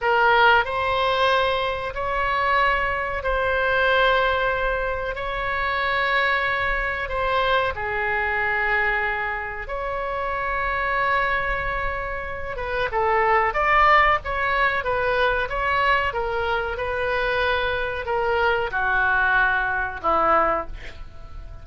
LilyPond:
\new Staff \with { instrumentName = "oboe" } { \time 4/4 \tempo 4 = 93 ais'4 c''2 cis''4~ | cis''4 c''2. | cis''2. c''4 | gis'2. cis''4~ |
cis''2.~ cis''8 b'8 | a'4 d''4 cis''4 b'4 | cis''4 ais'4 b'2 | ais'4 fis'2 e'4 | }